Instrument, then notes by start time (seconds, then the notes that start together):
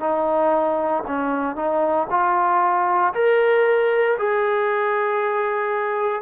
trombone
0.00 D#4
1.07 C#4
1.56 D#4
2.10 F4
3.14 A#4
4.18 G#4